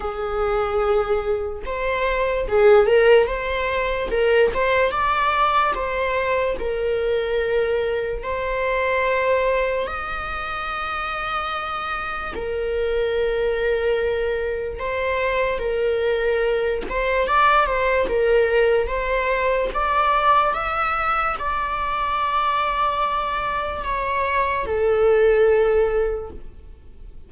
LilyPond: \new Staff \with { instrumentName = "viola" } { \time 4/4 \tempo 4 = 73 gis'2 c''4 gis'8 ais'8 | c''4 ais'8 c''8 d''4 c''4 | ais'2 c''2 | dis''2. ais'4~ |
ais'2 c''4 ais'4~ | ais'8 c''8 d''8 c''8 ais'4 c''4 | d''4 e''4 d''2~ | d''4 cis''4 a'2 | }